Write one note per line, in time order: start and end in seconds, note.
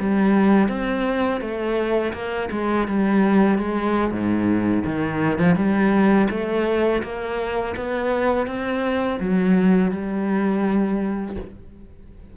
0.00 0.69 G3
0.69 1.41 C4
1.41 2.13 A3
2.13 2.49 A#3
2.52 2.88 G#3
2.88 3.59 G3
3.59 4.11 G#3
4.11 4.84 G#2
4.86 5.39 D#3
5.39 5.56 F3
5.56 6.28 G3
6.30 7.03 A3
7.03 7.75 A#3
7.77 8.47 B3
8.47 9.19 C4
9.20 9.92 F#3
9.92 11.36 G3